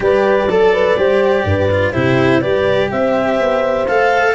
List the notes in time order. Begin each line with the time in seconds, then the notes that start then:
0.00 G3 G4 B4 D5
0.46 F#3 A4
0.73 B4
0.97 G3 G4 C5
1.44 G2 B4
1.70 F4
1.92 C3 E4 G4 C5
2.40 G3 G4 B4 D5
2.90 C4 C5 E5
3.39 B3
3.87 A3 A4 F5